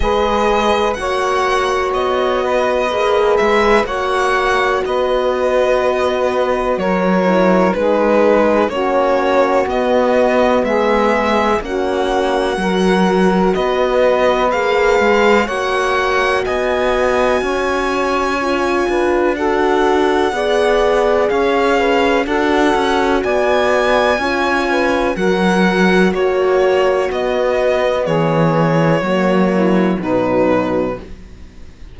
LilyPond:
<<
  \new Staff \with { instrumentName = "violin" } { \time 4/4 \tempo 4 = 62 dis''4 fis''4 dis''4. e''8 | fis''4 dis''2 cis''4 | b'4 cis''4 dis''4 e''4 | fis''2 dis''4 f''4 |
fis''4 gis''2. | fis''2 f''4 fis''4 | gis''2 fis''4 cis''4 | dis''4 cis''2 b'4 | }
  \new Staff \with { instrumentName = "saxophone" } { \time 4/4 b'4 cis''4. b'4. | cis''4 b'2 ais'4 | gis'4 fis'2 gis'4 | fis'4 ais'4 b'2 |
cis''4 dis''4 cis''4. b'8 | a'4 d''4 cis''8 b'8 a'4 | d''4 cis''8 b'8 ais'4 fis'4~ | fis'4 gis'4 fis'8 e'8 dis'4 | }
  \new Staff \with { instrumentName = "horn" } { \time 4/4 gis'4 fis'2 gis'4 | fis'2.~ fis'8 e'8 | dis'4 cis'4 b2 | cis'4 fis'2 gis'4 |
fis'2. f'4 | fis'4 gis'2 fis'4~ | fis'4 f'4 fis'2 | b2 ais4 fis4 | }
  \new Staff \with { instrumentName = "cello" } { \time 4/4 gis4 ais4 b4 ais8 gis8 | ais4 b2 fis4 | gis4 ais4 b4 gis4 | ais4 fis4 b4 ais8 gis8 |
ais4 b4 cis'4. d'8~ | d'4 b4 cis'4 d'8 cis'8 | b4 cis'4 fis4 ais4 | b4 e4 fis4 b,4 | }
>>